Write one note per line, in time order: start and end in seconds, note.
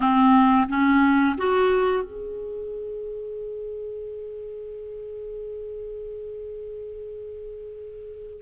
0.00 0.67 C4
0.68 1.35 C#4
1.37 2.03 F#4
2.03 8.41 G#4